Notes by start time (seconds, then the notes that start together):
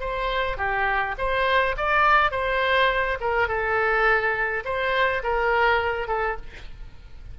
0.00 C5
0.57 G4
1.18 C5
1.77 D5
2.32 C5
3.20 A#4
3.48 A4
4.65 C5
5.23 A#4
6.08 A4